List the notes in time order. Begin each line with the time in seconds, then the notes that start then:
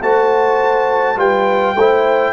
0.00 A3 F#4 C5 A5
1.16 G3 F4 B4 G5
1.74 A3 E4 C5